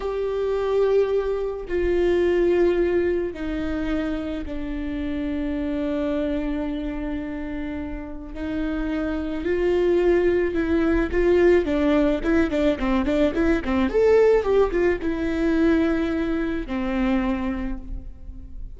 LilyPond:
\new Staff \with { instrumentName = "viola" } { \time 4/4 \tempo 4 = 108 g'2. f'4~ | f'2 dis'2 | d'1~ | d'2. dis'4~ |
dis'4 f'2 e'4 | f'4 d'4 e'8 d'8 c'8 d'8 | e'8 c'8 a'4 g'8 f'8 e'4~ | e'2 c'2 | }